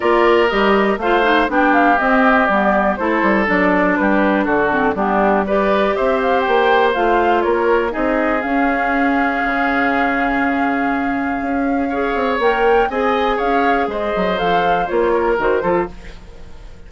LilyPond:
<<
  \new Staff \with { instrumentName = "flute" } { \time 4/4 \tempo 4 = 121 d''4 dis''4 f''4 g''8 f''8 | dis''4 d''4 c''4 d''4 | b'4 a'4 g'4 d''4 | e''8 f''8 g''4 f''4 cis''4 |
dis''4 f''2.~ | f''1~ | f''4 g''4 gis''4 f''4 | dis''4 f''4 cis''4 c''4 | }
  \new Staff \with { instrumentName = "oboe" } { \time 4/4 ais'2 c''4 g'4~ | g'2 a'2 | g'4 fis'4 d'4 b'4 | c''2. ais'4 |
gis'1~ | gis'1 | cis''2 dis''4 cis''4 | c''2~ c''8 ais'4 a'8 | }
  \new Staff \with { instrumentName = "clarinet" } { \time 4/4 f'4 g'4 f'8 dis'8 d'4 | c'4 b4 e'4 d'4~ | d'4. c'8 b4 g'4~ | g'2 f'2 |
dis'4 cis'2.~ | cis'1 | gis'4 ais'4 gis'2~ | gis'4 a'4 f'4 fis'8 f'8 | }
  \new Staff \with { instrumentName = "bassoon" } { \time 4/4 ais4 g4 a4 b4 | c'4 g4 a8 g8 fis4 | g4 d4 g2 | c'4 ais4 a4 ais4 |
c'4 cis'2 cis4~ | cis2. cis'4~ | cis'8 c'8 ais4 c'4 cis'4 | gis8 fis8 f4 ais4 dis8 f8 | }
>>